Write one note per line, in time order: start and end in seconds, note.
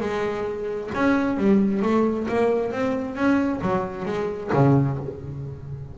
0.00 0.90 G#3
0.95 1.38 C#4
1.38 1.82 G3
1.82 2.27 A3
2.28 2.72 A#3
2.72 3.15 C4
3.15 3.60 C#4
3.61 4.06 F#3
4.06 4.51 G#3
4.53 4.98 C#3